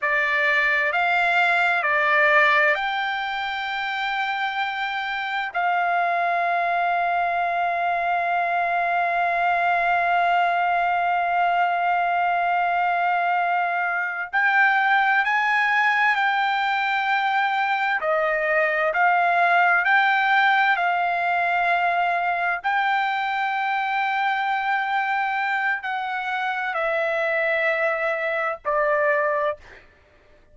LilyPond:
\new Staff \with { instrumentName = "trumpet" } { \time 4/4 \tempo 4 = 65 d''4 f''4 d''4 g''4~ | g''2 f''2~ | f''1~ | f''2.~ f''8 g''8~ |
g''8 gis''4 g''2 dis''8~ | dis''8 f''4 g''4 f''4.~ | f''8 g''2.~ g''8 | fis''4 e''2 d''4 | }